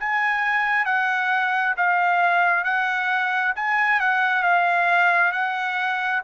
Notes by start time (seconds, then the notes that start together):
0.00 G#5
0.86 F#5
1.77 F5
2.65 F#5
3.56 G#5
4.01 F#5
4.43 F5
5.32 F#5